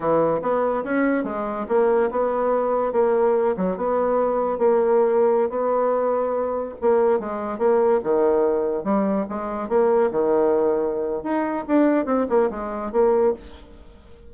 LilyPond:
\new Staff \with { instrumentName = "bassoon" } { \time 4/4 \tempo 4 = 144 e4 b4 cis'4 gis4 | ais4 b2 ais4~ | ais8 fis8 b2 ais4~ | ais4~ ais16 b2~ b8.~ |
b16 ais4 gis4 ais4 dis8.~ | dis4~ dis16 g4 gis4 ais8.~ | ais16 dis2~ dis8. dis'4 | d'4 c'8 ais8 gis4 ais4 | }